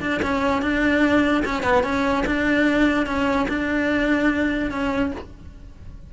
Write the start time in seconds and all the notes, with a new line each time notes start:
0.00 D4
0.22 C#4
0.62 D4
1.45 C#4
1.63 B3
1.83 C#4
2.26 D4
3.06 C#4
3.48 D4
4.71 C#4